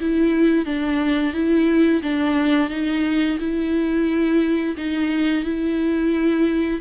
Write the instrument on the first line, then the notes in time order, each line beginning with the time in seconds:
viola
0.00 E4
0.65 D4
1.33 E4
2.03 D4
2.70 D#4
3.39 E4
4.77 D#4
5.44 E4